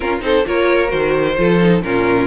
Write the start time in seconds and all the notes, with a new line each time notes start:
0.00 C#4 F4 A#4
0.19 C4 D#4 A4 C5
0.46 A#3 F4 A#4 C#5
0.87 D#3 F#4 C5
1.36 F3 F4 A4
1.61 D#4
1.81 A#2 C#4 F4 A#4